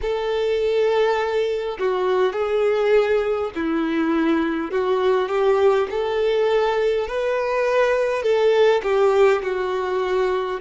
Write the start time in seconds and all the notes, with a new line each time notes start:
0.01 A4
1.79 F#4
2.33 G#4
3.55 E4
4.71 F#4
5.28 G4
5.90 A4
7.07 B4
8.22 A4
8.82 G4
9.42 F#4